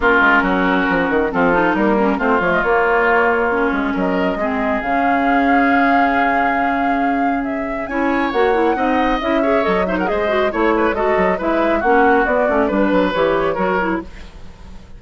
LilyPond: <<
  \new Staff \with { instrumentName = "flute" } { \time 4/4 \tempo 4 = 137 ais'2. a'4 | ais'4 c''8 cis''16 dis''16 cis''2~ | cis''4 dis''2 f''4~ | f''1~ |
f''4 e''4 gis''4 fis''4~ | fis''4 e''4 dis''8 e''16 fis''16 dis''4 | cis''4 dis''4 e''4 fis''4 | d''4 b'4 cis''2 | }
  \new Staff \with { instrumentName = "oboe" } { \time 4/4 f'4 fis'2 f'4 | ais4 f'2.~ | f'4 ais'4 gis'2~ | gis'1~ |
gis'2 cis''2 | dis''4. cis''4 c''16 ais'16 c''4 | cis''8 b'8 a'4 b'4 fis'4~ | fis'4 b'2 ais'4 | }
  \new Staff \with { instrumentName = "clarinet" } { \time 4/4 cis'2. c'8 dis'8~ | dis'8 cis'8 c'8 a8 ais2 | cis'2 c'4 cis'4~ | cis'1~ |
cis'2 e'4 fis'8 e'8 | dis'4 e'8 gis'8 a'8 dis'8 gis'8 fis'8 | e'4 fis'4 e'4 cis'4 | b8 cis'8 d'4 g'4 fis'8 e'8 | }
  \new Staff \with { instrumentName = "bassoon" } { \time 4/4 ais8 gis8 fis4 f8 dis8 f4 | g4 a8 f8 ais2~ | ais8 gis8 fis4 gis4 cis4~ | cis1~ |
cis2 cis'4 ais4 | c'4 cis'4 fis4 gis4 | a4 gis8 fis8 gis4 ais4 | b8 a8 g8 fis8 e4 fis4 | }
>>